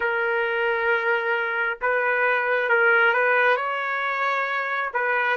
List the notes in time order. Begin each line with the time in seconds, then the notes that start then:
0.00 A#4
1.81 B4
2.69 A#4
3.13 B4
3.56 C#5
4.93 B4